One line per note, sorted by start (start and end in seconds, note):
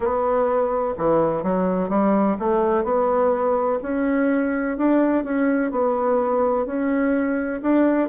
0.00 0.94 B3
0.97 1.43 E3
1.43 1.89 F#3
1.89 2.36 G3
2.39 2.84 A3
2.84 3.79 B3
3.82 4.77 C#4
4.77 5.24 D4
5.24 5.71 C#4
5.71 6.66 B3
6.66 7.61 C#4
7.61 8.09 D4